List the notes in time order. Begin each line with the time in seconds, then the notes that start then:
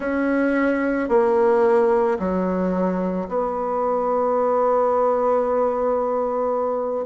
0.00 C#4
1.09 A#3
2.19 F#3
3.28 B3